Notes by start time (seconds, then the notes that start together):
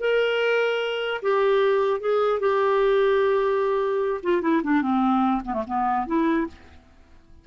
0.00 A#4
1.22 G4
2.00 G#4
2.40 G4
4.23 F4
4.41 E4
4.63 D4
4.82 C4
5.45 B3
5.53 A3
5.67 B3
6.06 E4